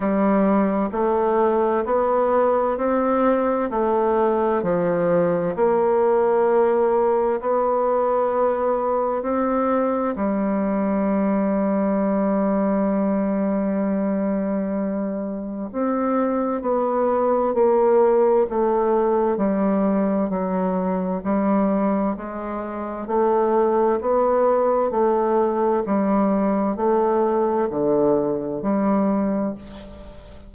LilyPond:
\new Staff \with { instrumentName = "bassoon" } { \time 4/4 \tempo 4 = 65 g4 a4 b4 c'4 | a4 f4 ais2 | b2 c'4 g4~ | g1~ |
g4 c'4 b4 ais4 | a4 g4 fis4 g4 | gis4 a4 b4 a4 | g4 a4 d4 g4 | }